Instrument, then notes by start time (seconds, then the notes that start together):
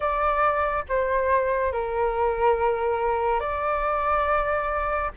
flute
0.00 D5
0.88 C5
1.72 A#4
3.39 D5